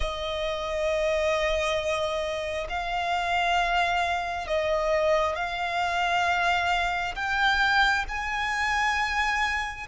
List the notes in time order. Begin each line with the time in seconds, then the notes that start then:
0.00 D#5
2.69 F5
4.47 D#5
5.35 F5
7.15 G5
8.08 G#5